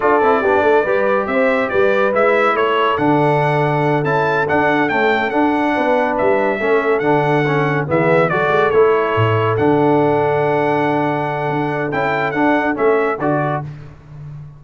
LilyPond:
<<
  \new Staff \with { instrumentName = "trumpet" } { \time 4/4 \tempo 4 = 141 d''2. e''4 | d''4 e''4 cis''4 fis''4~ | fis''4. a''4 fis''4 g''8~ | g''8 fis''2 e''4.~ |
e''8 fis''2 e''4 d''8~ | d''8 cis''2 fis''4.~ | fis''1 | g''4 fis''4 e''4 d''4 | }
  \new Staff \with { instrumentName = "horn" } { \time 4/4 a'4 g'8 a'8 b'4 c''4 | b'2 a'2~ | a'1~ | a'4. b'2 a'8~ |
a'2~ a'8 gis'4 a'8~ | a'1~ | a'1~ | a'1 | }
  \new Staff \with { instrumentName = "trombone" } { \time 4/4 f'8 e'8 d'4 g'2~ | g'4 e'2 d'4~ | d'4. e'4 d'4 a8~ | a8 d'2. cis'8~ |
cis'8 d'4 cis'4 b4 fis'8~ | fis'8 e'2 d'4.~ | d'1 | e'4 d'4 cis'4 fis'4 | }
  \new Staff \with { instrumentName = "tuba" } { \time 4/4 d'8 c'8 b8 a8 g4 c'4 | g4 gis4 a4 d4~ | d4. cis'4 d'4 cis'8~ | cis'8 d'4 b4 g4 a8~ |
a8 d2 e4 fis8 | gis8 a4 a,4 d4.~ | d2. d'4 | cis'4 d'4 a4 d4 | }
>>